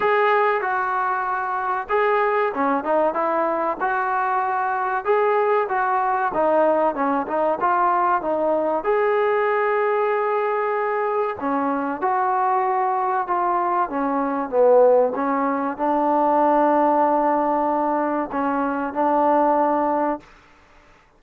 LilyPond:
\new Staff \with { instrumentName = "trombone" } { \time 4/4 \tempo 4 = 95 gis'4 fis'2 gis'4 | cis'8 dis'8 e'4 fis'2 | gis'4 fis'4 dis'4 cis'8 dis'8 | f'4 dis'4 gis'2~ |
gis'2 cis'4 fis'4~ | fis'4 f'4 cis'4 b4 | cis'4 d'2.~ | d'4 cis'4 d'2 | }